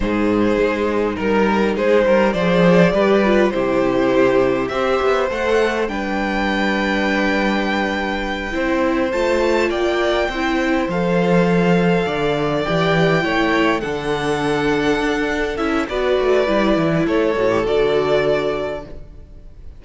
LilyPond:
<<
  \new Staff \with { instrumentName = "violin" } { \time 4/4 \tempo 4 = 102 c''2 ais'4 c''4 | d''2 c''2 | e''4 fis''4 g''2~ | g''2.~ g''8 a''8~ |
a''8 g''2 f''4.~ | f''4. g''2 fis''8~ | fis''2~ fis''8 e''8 d''4~ | d''4 cis''4 d''2 | }
  \new Staff \with { instrumentName = "violin" } { \time 4/4 gis'2 ais'4 gis'8 ais'8 | c''4 b'4 g'2 | c''2 b'2~ | b'2~ b'8 c''4.~ |
c''8 d''4 c''2~ c''8~ | c''8 d''2 cis''4 a'8~ | a'2. b'4~ | b'4 a'2. | }
  \new Staff \with { instrumentName = "viola" } { \time 4/4 dis'1 | gis'4 g'8 f'8 e'2 | g'4 a'4 d'2~ | d'2~ d'8 e'4 f'8~ |
f'4. e'4 a'4.~ | a'4. g'4 e'4 d'8~ | d'2~ d'8 e'8 fis'4 | e'4. fis'16 g'16 fis'2 | }
  \new Staff \with { instrumentName = "cello" } { \time 4/4 gis,4 gis4 g4 gis8 g8 | f4 g4 c2 | c'8 b8 a4 g2~ | g2~ g8 c'4 a8~ |
a8 ais4 c'4 f4.~ | f8 d4 e4 a4 d8~ | d4. d'4 cis'8 b8 a8 | g8 e8 a8 a,8 d2 | }
>>